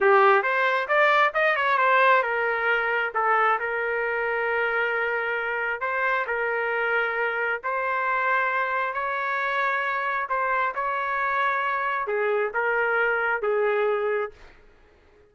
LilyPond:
\new Staff \with { instrumentName = "trumpet" } { \time 4/4 \tempo 4 = 134 g'4 c''4 d''4 dis''8 cis''8 | c''4 ais'2 a'4 | ais'1~ | ais'4 c''4 ais'2~ |
ais'4 c''2. | cis''2. c''4 | cis''2. gis'4 | ais'2 gis'2 | }